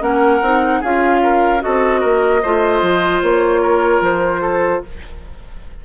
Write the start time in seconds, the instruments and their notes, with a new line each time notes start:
0.00 bassoon A#3, clarinet C#4, oboe A#4, flute F#5
0.41 bassoon C4, clarinet D#4
0.80 bassoon C#4, clarinet F4, oboe G#4, flute F5
1.22 oboe A#4
1.60 bassoon C4, clarinet F#4, oboe A4, flute D#5
2.00 bassoon A#3, oboe A#4
2.42 bassoon A3, clarinet F4, oboe C5
2.81 bassoon F3
3.22 bassoon A#3, flute C#5
3.61 oboe A#4
4.00 bassoon F3, flute C5
4.41 oboe A4